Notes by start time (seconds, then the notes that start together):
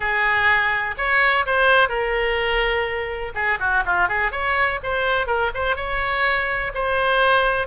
0.00 G#4
0.97 C#5
1.45 C5
1.88 A#4
3.35 G#4
3.59 F#4
3.85 F4
4.08 G#4
4.31 C#5
4.83 C5
5.26 A#4
5.54 C5
5.76 C#5
6.74 C5